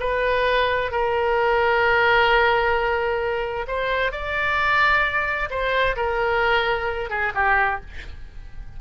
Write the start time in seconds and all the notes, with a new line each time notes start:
0.00 B4
0.91 A#4
3.68 C5
4.12 D5
5.50 C5
5.96 A#4
7.10 G#4
7.35 G4